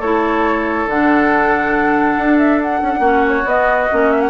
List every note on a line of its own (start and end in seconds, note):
0.00 0.86 A3
0.00 0.89 E4
0.00 3.00 A4
0.00 0.88 C#5
0.86 2.16 D3
0.86 3.02 D4
0.86 2.38 F#5
2.17 2.82 D4
2.38 2.60 E5
2.62 3.27 F#5
2.82 2.93 C#4
2.94 3.43 A#3
2.94 3.00 D4
2.94 4.29 F#4
3.02 3.45 C#4
3.28 3.48 C#5
3.45 3.88 B3
3.45 3.89 B3
3.45 4.12 D#5
3.91 4.30 A#3
3.91 4.30 C#4
4.12 4.21 E5
4.21 4.30 F#5